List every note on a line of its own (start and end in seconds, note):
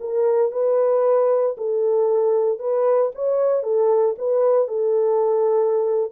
0.00 0.51 A#4
0.51 1.56 B4
1.57 2.59 A4
2.59 3.11 B4
3.15 3.63 C#5
3.63 4.15 A4
4.18 4.68 B4
4.68 6.11 A4